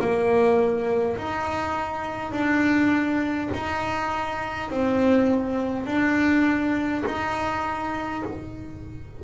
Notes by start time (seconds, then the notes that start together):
0.00 A#3
1.17 D#4
2.32 D4
3.54 D#4
4.70 C4
5.86 D4
7.05 D#4